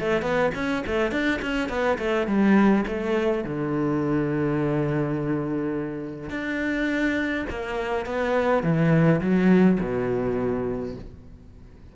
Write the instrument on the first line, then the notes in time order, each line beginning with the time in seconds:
cello
0.00 A3
0.22 B3
0.55 C#4
0.87 A3
1.12 D4
1.42 C#4
1.69 B3
1.99 A3
2.27 G3
2.88 A3
3.45 D3
6.30 D4
7.50 A#3
8.06 B3
8.63 E3
9.21 F#3
9.81 B2